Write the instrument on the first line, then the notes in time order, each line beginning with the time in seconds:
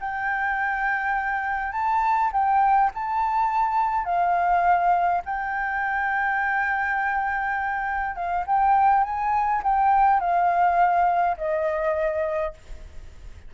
flute
0.00 G5
1.72 A5
2.32 G5
2.94 A5
4.05 F5
5.25 G5
8.16 F5
8.47 G5
9.03 G#5
9.63 G5
10.20 F5
11.37 D#5